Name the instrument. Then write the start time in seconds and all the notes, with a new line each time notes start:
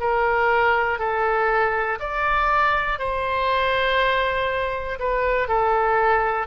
oboe
0.00 A#4
0.99 A4
2.00 D5
2.99 C5
4.99 B4
5.48 A4